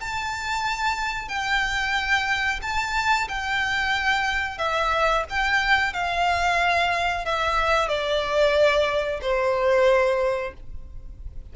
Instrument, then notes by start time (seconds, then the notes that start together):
violin
0.00 A5
1.28 G5
2.62 A5
3.28 G5
4.58 E5
5.29 G5
5.93 F5
7.25 E5
7.88 D5
9.22 C5